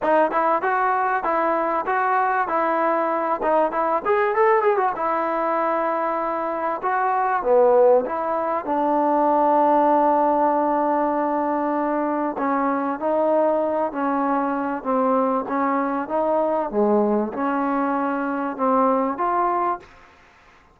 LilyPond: \new Staff \with { instrumentName = "trombone" } { \time 4/4 \tempo 4 = 97 dis'8 e'8 fis'4 e'4 fis'4 | e'4. dis'8 e'8 gis'8 a'8 gis'16 fis'16 | e'2. fis'4 | b4 e'4 d'2~ |
d'1 | cis'4 dis'4. cis'4. | c'4 cis'4 dis'4 gis4 | cis'2 c'4 f'4 | }